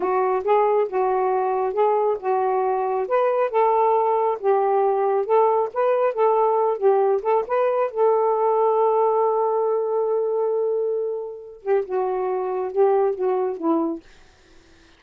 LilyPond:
\new Staff \with { instrumentName = "saxophone" } { \time 4/4 \tempo 4 = 137 fis'4 gis'4 fis'2 | gis'4 fis'2 b'4 | a'2 g'2 | a'4 b'4 a'4. g'8~ |
g'8 a'8 b'4 a'2~ | a'1~ | a'2~ a'8 g'8 fis'4~ | fis'4 g'4 fis'4 e'4 | }